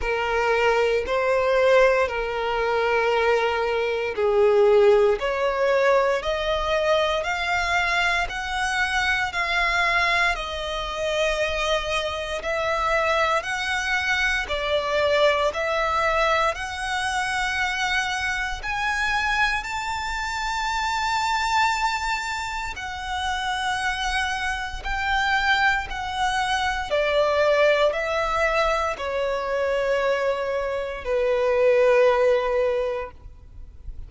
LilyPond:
\new Staff \with { instrumentName = "violin" } { \time 4/4 \tempo 4 = 58 ais'4 c''4 ais'2 | gis'4 cis''4 dis''4 f''4 | fis''4 f''4 dis''2 | e''4 fis''4 d''4 e''4 |
fis''2 gis''4 a''4~ | a''2 fis''2 | g''4 fis''4 d''4 e''4 | cis''2 b'2 | }